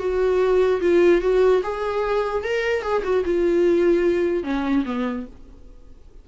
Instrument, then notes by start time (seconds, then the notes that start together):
viola
0.00 F#4
0.81 F4
1.22 F#4
1.63 G#4
2.44 A#4
2.83 G#4
3.04 F#4
3.25 F4
4.44 C#4
4.86 B3